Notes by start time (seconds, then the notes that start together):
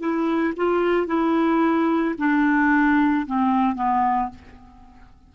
0.00 E4
0.57 F4
1.07 E4
2.18 D4
3.27 C4
3.76 B3